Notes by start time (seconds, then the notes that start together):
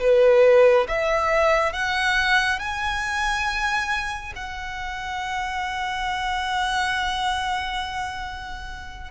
0.00 B4
0.88 E5
1.73 F#5
2.59 G#5
4.36 F#5